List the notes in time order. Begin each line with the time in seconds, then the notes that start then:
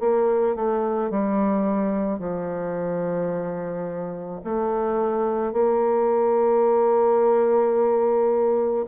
0.00 A#3
0.56 A3
1.11 G3
2.19 F3
4.44 A3
5.53 A#3